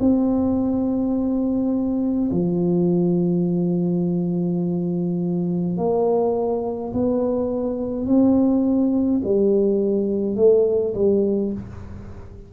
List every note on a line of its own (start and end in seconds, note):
0.00 2.31 C4
2.31 5.77 F3
5.77 6.93 A#3
6.93 8.06 B3
8.06 9.22 C4
9.24 10.36 G3
10.36 10.94 A3
10.95 11.52 G3